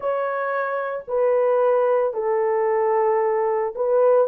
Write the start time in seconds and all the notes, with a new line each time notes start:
0.00 C#5
1.07 B4
2.13 A4
3.75 B4